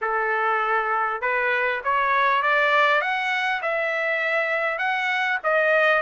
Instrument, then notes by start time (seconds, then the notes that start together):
trumpet
0.01 A4
1.21 B4
1.84 C#5
2.42 D5
3.01 F#5
3.62 E5
4.78 F#5
5.43 D#5